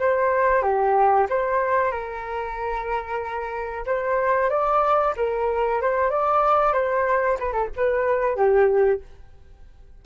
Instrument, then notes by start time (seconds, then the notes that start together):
flute
0.00 C5
0.63 G4
1.30 C5
1.92 A#4
3.86 C5
4.50 D5
5.17 A#4
5.82 C5
6.11 D5
6.74 C5
7.40 B4
7.53 A4
7.77 B4
8.36 G4